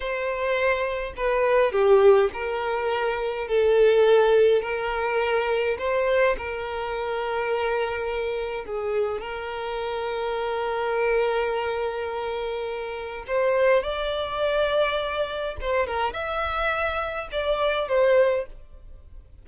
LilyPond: \new Staff \with { instrumentName = "violin" } { \time 4/4 \tempo 4 = 104 c''2 b'4 g'4 | ais'2 a'2 | ais'2 c''4 ais'4~ | ais'2. gis'4 |
ais'1~ | ais'2. c''4 | d''2. c''8 ais'8 | e''2 d''4 c''4 | }